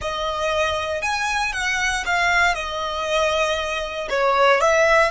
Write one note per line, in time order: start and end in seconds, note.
0.01 1.02 D#5
1.02 1.52 G#5
1.52 2.04 F#5
2.05 2.54 F5
2.54 4.08 D#5
4.09 4.60 C#5
4.60 5.10 E5